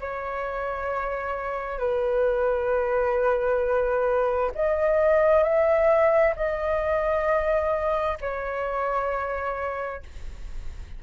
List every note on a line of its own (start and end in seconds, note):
0.00 1.79 C#5
1.79 4.51 B4
4.55 5.43 D#5
5.43 6.34 E5
6.36 8.17 D#5
8.21 10.02 C#5